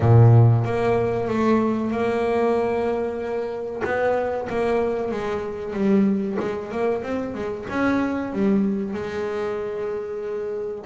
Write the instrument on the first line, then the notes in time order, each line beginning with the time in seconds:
double bass
0.00 A#2
0.64 A#3
1.28 A3
1.91 A#3
3.84 B3
4.49 A#3
5.11 G#3
5.73 G3
6.39 G#3
6.71 A#3
7.02 C4
7.34 G#3
7.69 C#4
8.32 G3
8.93 G#3